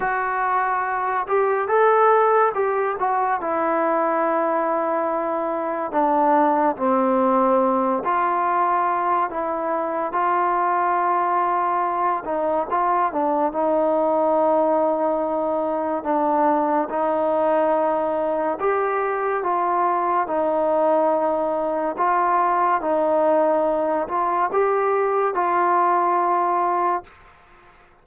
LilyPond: \new Staff \with { instrumentName = "trombone" } { \time 4/4 \tempo 4 = 71 fis'4. g'8 a'4 g'8 fis'8 | e'2. d'4 | c'4. f'4. e'4 | f'2~ f'8 dis'8 f'8 d'8 |
dis'2. d'4 | dis'2 g'4 f'4 | dis'2 f'4 dis'4~ | dis'8 f'8 g'4 f'2 | }